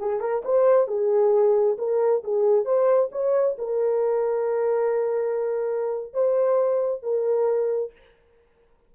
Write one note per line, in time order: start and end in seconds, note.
0.00 0.20 G#4
0.20 0.43 A#4
0.45 0.88 C5
0.88 1.77 G#4
1.78 2.23 A#4
2.24 2.65 G#4
2.65 3.10 C5
3.12 3.57 C#5
3.58 6.14 A#4
6.14 7.03 C5
7.03 7.92 A#4